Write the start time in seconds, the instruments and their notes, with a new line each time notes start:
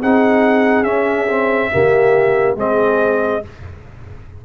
0.00 tuba C4, trombone D#4, horn G#4, trumpet F#5
0.83 tuba C#4, trombone C#4, trumpet E5
1.29 trombone C4
1.71 tuba C#3, trombone A#3, horn G4
2.56 tuba G#3, trombone C4, horn G#4, trumpet D#5